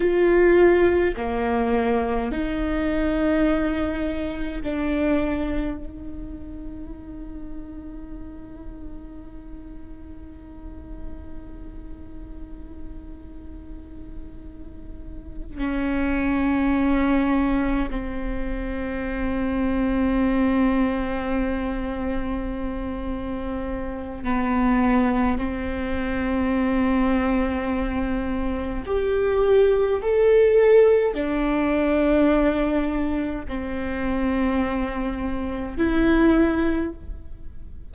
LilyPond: \new Staff \with { instrumentName = "viola" } { \time 4/4 \tempo 4 = 52 f'4 ais4 dis'2 | d'4 dis'2.~ | dis'1~ | dis'4. cis'2 c'8~ |
c'1~ | c'4 b4 c'2~ | c'4 g'4 a'4 d'4~ | d'4 c'2 e'4 | }